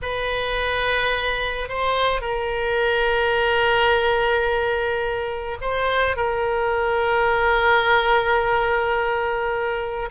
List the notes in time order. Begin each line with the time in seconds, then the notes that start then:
0.02 B4
1.68 C5
2.21 A#4
5.61 C5
6.16 A#4